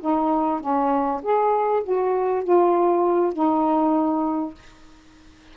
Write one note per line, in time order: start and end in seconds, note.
0.00 0.60 D#4
0.60 1.21 C#4
1.22 1.83 G#4
1.83 2.43 F#4
2.43 3.33 F4
3.33 4.54 D#4